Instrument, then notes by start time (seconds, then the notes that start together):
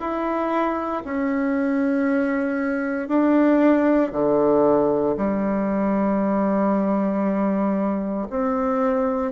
bassoon
0.00 E4
1.04 C#4
3.08 D4
4.12 D3
5.17 G3
8.30 C4